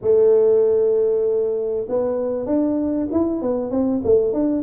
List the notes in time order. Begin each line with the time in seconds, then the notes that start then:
0.01 A3
1.88 B3
2.45 D4
3.11 E4
3.41 B3
3.70 C4
4.04 A3
4.33 D4